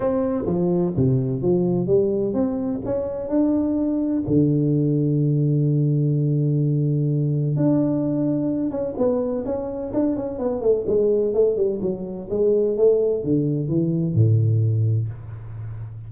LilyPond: \new Staff \with { instrumentName = "tuba" } { \time 4/4 \tempo 4 = 127 c'4 f4 c4 f4 | g4 c'4 cis'4 d'4~ | d'4 d2.~ | d1 |
d'2~ d'8 cis'8 b4 | cis'4 d'8 cis'8 b8 a8 gis4 | a8 g8 fis4 gis4 a4 | d4 e4 a,2 | }